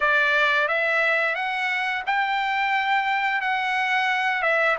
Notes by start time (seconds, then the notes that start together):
0.00 D5
0.68 E5
1.35 F#5
2.06 G5
3.41 F#5
4.42 E5